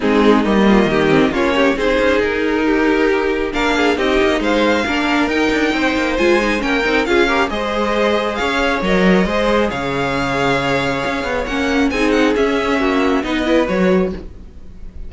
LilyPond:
<<
  \new Staff \with { instrumentName = "violin" } { \time 4/4 \tempo 4 = 136 gis'4 dis''2 cis''4 | c''4 ais'2. | f''4 dis''4 f''2 | g''2 gis''4 g''4 |
f''4 dis''2 f''4 | dis''2 f''2~ | f''2 fis''4 gis''8 fis''8 | e''2 dis''4 cis''4 | }
  \new Staff \with { instrumentName = "violin" } { \time 4/4 dis'4. f'8 g'4 f'8 g'8 | gis'2 g'2 | ais'8 gis'8 g'4 c''4 ais'4~ | ais'4 c''2 ais'4 |
gis'8 ais'8 c''2 cis''4~ | cis''4 c''4 cis''2~ | cis''2. gis'4~ | gis'4 fis'4 b'2 | }
  \new Staff \with { instrumentName = "viola" } { \time 4/4 c'4 ais4. c'8 cis'4 | dis'1 | d'4 dis'2 d'4 | dis'2 f'8 dis'8 cis'8 dis'8 |
f'8 g'8 gis'2. | ais'4 gis'2.~ | gis'2 cis'4 dis'4 | cis'2 dis'8 e'8 fis'4 | }
  \new Staff \with { instrumentName = "cello" } { \time 4/4 gis4 g4 dis4 ais4 | c'8 cis'8 dis'2. | ais4 c'8 ais8 gis4 ais4 | dis'8 d'8 c'8 ais8 gis4 ais8 c'8 |
cis'4 gis2 cis'4 | fis4 gis4 cis2~ | cis4 cis'8 b8 ais4 c'4 | cis'4 ais4 b4 fis4 | }
>>